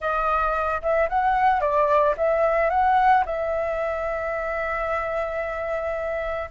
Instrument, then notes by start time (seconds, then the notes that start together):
flute
0.00 D#5
0.82 E5
1.09 F#5
1.60 D5
2.17 E5
2.70 F#5
3.25 E5